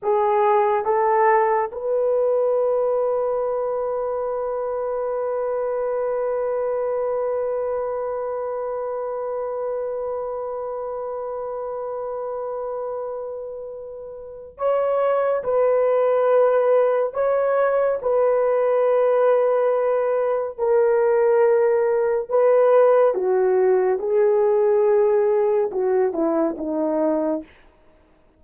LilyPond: \new Staff \with { instrumentName = "horn" } { \time 4/4 \tempo 4 = 70 gis'4 a'4 b'2~ | b'1~ | b'1~ | b'1~ |
b'4 cis''4 b'2 | cis''4 b'2. | ais'2 b'4 fis'4 | gis'2 fis'8 e'8 dis'4 | }